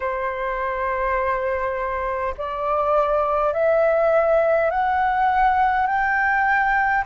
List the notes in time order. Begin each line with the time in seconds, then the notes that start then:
0.00 C5
2.37 D5
3.53 E5
4.70 F#5
5.87 G5